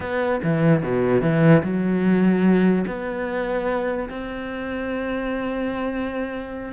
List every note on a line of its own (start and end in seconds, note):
0.00 0.41 B3
0.43 0.83 E3
0.83 1.21 B2
1.21 1.62 E3
1.62 2.85 F#3
2.86 4.09 B3
4.09 6.73 C4